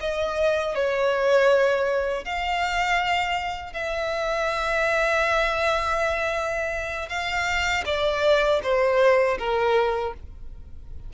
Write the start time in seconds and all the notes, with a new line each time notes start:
0.00 D#5
0.75 C#5
2.24 F5
3.73 E5
7.09 F5
7.85 D5
8.62 C5
9.38 A#4